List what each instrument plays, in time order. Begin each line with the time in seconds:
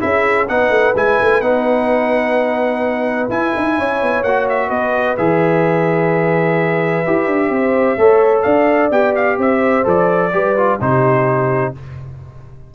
0.00 tuba C#4, trombone E4, horn G#4, trumpet E5
0.48 tuba B3, trombone D#4, horn B4, trumpet F#5
0.70 tuba A3
0.95 tuba G#3, trombone E4, trumpet G#5
1.21 tuba A3
1.41 tuba B3, trombone D#4, trumpet F#5
3.29 tuba E4, trombone E4, trumpet G#5
3.57 tuba D#4
3.77 tuba C#4, horn C#5
4.02 tuba B3
4.23 tuba A#3, trombone F#4, trumpet F#5
4.49 trumpet E5
4.68 tuba B3, horn B4, trumpet D#5
5.17 tuba E3, trombone G#4, trumpet E5
7.05 tuba E4, trombone G4
7.27 tuba D4
7.50 tuba C4, horn C5
7.97 tuba A3, trombone A4, horn C#5
8.42 tuba D4, horn D5, trumpet F5
8.91 tuba B3, trombone G4, trumpet G5
9.15 trumpet F5
9.38 tuba C4, horn C5, trumpet E5
9.84 tuba F3, trombone A4, trumpet D5
10.33 tuba G3, trombone G4, horn B4
10.57 trombone F4
10.80 tuba C3, trombone D#4, horn G4, trumpet C5